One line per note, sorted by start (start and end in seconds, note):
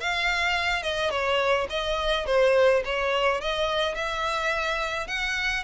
0.00 0.83 F5
0.83 1.10 D#5
1.10 1.67 C#5
1.69 2.26 D#5
2.26 2.82 C5
2.84 3.40 C#5
3.40 3.94 D#5
3.94 5.07 E5
5.07 5.63 F#5